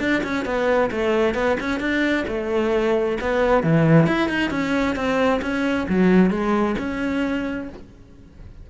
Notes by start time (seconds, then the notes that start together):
0.00 D4
0.24 C#4
0.45 B3
0.91 A3
1.35 B3
1.60 C#4
1.80 D4
2.28 A3
3.21 B3
3.63 E3
4.07 E4
4.29 D#4
4.51 C#4
4.96 C4
5.42 C#4
5.89 F#3
6.31 G#3
6.79 C#4